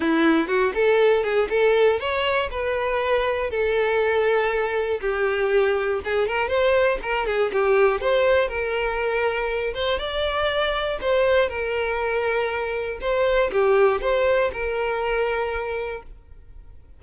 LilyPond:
\new Staff \with { instrumentName = "violin" } { \time 4/4 \tempo 4 = 120 e'4 fis'8 a'4 gis'8 a'4 | cis''4 b'2 a'4~ | a'2 g'2 | gis'8 ais'8 c''4 ais'8 gis'8 g'4 |
c''4 ais'2~ ais'8 c''8 | d''2 c''4 ais'4~ | ais'2 c''4 g'4 | c''4 ais'2. | }